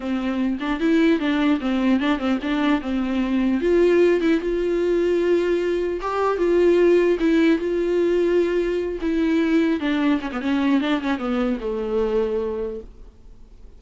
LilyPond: \new Staff \with { instrumentName = "viola" } { \time 4/4 \tempo 4 = 150 c'4. d'8 e'4 d'4 | c'4 d'8 c'8 d'4 c'4~ | c'4 f'4. e'8 f'4~ | f'2. g'4 |
f'2 e'4 f'4~ | f'2~ f'8 e'4.~ | e'8 d'4 cis'16 b16 cis'4 d'8 cis'8 | b4 a2. | }